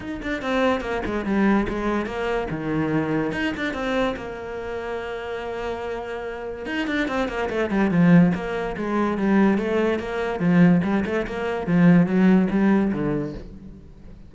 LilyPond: \new Staff \with { instrumentName = "cello" } { \time 4/4 \tempo 4 = 144 dis'8 d'8 c'4 ais8 gis8 g4 | gis4 ais4 dis2 | dis'8 d'8 c'4 ais2~ | ais1 |
dis'8 d'8 c'8 ais8 a8 g8 f4 | ais4 gis4 g4 a4 | ais4 f4 g8 a8 ais4 | f4 fis4 g4 d4 | }